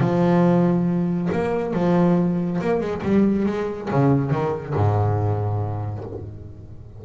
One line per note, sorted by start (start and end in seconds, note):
0.00 1.29 F3
1.32 1.73 A#3
1.73 2.60 F3
2.61 2.80 A#3
2.80 3.02 G#3
3.03 3.46 G3
3.46 3.89 G#3
3.91 4.31 C#3
4.31 4.74 D#3
4.75 6.04 G#2